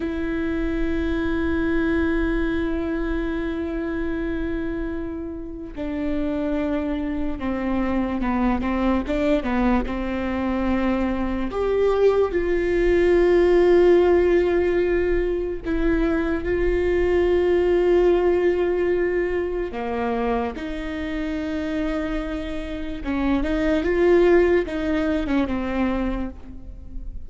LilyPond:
\new Staff \with { instrumentName = "viola" } { \time 4/4 \tempo 4 = 73 e'1~ | e'2. d'4~ | d'4 c'4 b8 c'8 d'8 b8 | c'2 g'4 f'4~ |
f'2. e'4 | f'1 | ais4 dis'2. | cis'8 dis'8 f'4 dis'8. cis'16 c'4 | }